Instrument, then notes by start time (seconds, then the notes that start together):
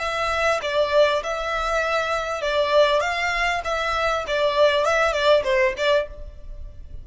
violin
0.00 E5
0.63 D5
1.24 E5
2.42 D5
3.01 F5
3.65 E5
4.28 D5
4.85 E5
5.13 D5
5.44 C5
5.77 D5